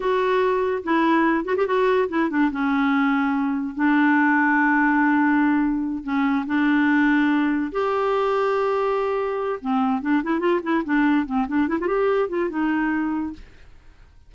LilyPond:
\new Staff \with { instrumentName = "clarinet" } { \time 4/4 \tempo 4 = 144 fis'2 e'4. fis'16 g'16 | fis'4 e'8 d'8 cis'2~ | cis'4 d'2.~ | d'2~ d'8 cis'4 d'8~ |
d'2~ d'8 g'4.~ | g'2. c'4 | d'8 e'8 f'8 e'8 d'4 c'8 d'8 | e'16 f'16 g'4 f'8 dis'2 | }